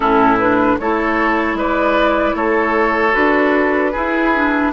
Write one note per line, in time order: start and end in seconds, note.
0.00 0.77 A2
0.00 0.38 C#4
0.00 0.75 E4
0.00 0.38 A4
0.38 0.79 D4
0.38 0.78 B4
0.79 1.54 A3
0.79 3.12 E4
0.79 1.57 A4
0.79 1.58 C#5
1.54 2.33 G#3
1.54 2.35 B4
1.54 2.36 D5
2.34 3.13 A3
2.34 3.92 A4
2.34 3.14 C#5
3.12 3.94 D4
3.12 3.91 F#4
3.12 4.72 B4
3.92 4.34 E4
3.92 4.72 E4
3.92 4.71 G#4
4.34 4.72 D4